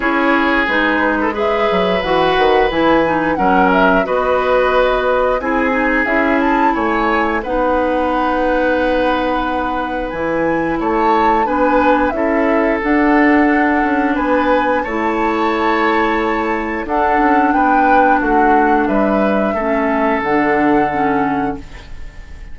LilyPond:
<<
  \new Staff \with { instrumentName = "flute" } { \time 4/4 \tempo 4 = 89 cis''4 b'4 e''4 fis''4 | gis''4 fis''8 e''8 dis''2 | gis''4 e''8 a''8 gis''4 fis''4~ | fis''2. gis''4 |
a''4 gis''4 e''4 fis''4~ | fis''4 gis''4 a''2~ | a''4 fis''4 g''4 fis''4 | e''2 fis''2 | }
  \new Staff \with { instrumentName = "oboe" } { \time 4/4 gis'4.~ gis'16 a'16 b'2~ | b'4 ais'4 b'2 | gis'2 cis''4 b'4~ | b'1 |
cis''4 b'4 a'2~ | a'4 b'4 cis''2~ | cis''4 a'4 b'4 fis'4 | b'4 a'2. | }
  \new Staff \with { instrumentName = "clarinet" } { \time 4/4 e'4 dis'4 gis'4 fis'4 | e'8 dis'8 cis'4 fis'2 | e'8 dis'8 e'2 dis'4~ | dis'2. e'4~ |
e'4 d'4 e'4 d'4~ | d'2 e'2~ | e'4 d'2.~ | d'4 cis'4 d'4 cis'4 | }
  \new Staff \with { instrumentName = "bassoon" } { \time 4/4 cis'4 gis4. fis8 e8 dis8 | e4 fis4 b2 | c'4 cis'4 a4 b4~ | b2. e4 |
a4 b4 cis'4 d'4~ | d'8 cis'8 b4 a2~ | a4 d'8 cis'8 b4 a4 | g4 a4 d2 | }
>>